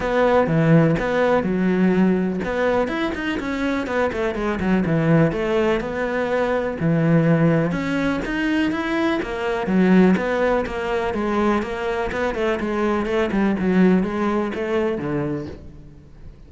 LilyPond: \new Staff \with { instrumentName = "cello" } { \time 4/4 \tempo 4 = 124 b4 e4 b4 fis4~ | fis4 b4 e'8 dis'8 cis'4 | b8 a8 gis8 fis8 e4 a4 | b2 e2 |
cis'4 dis'4 e'4 ais4 | fis4 b4 ais4 gis4 | ais4 b8 a8 gis4 a8 g8 | fis4 gis4 a4 d4 | }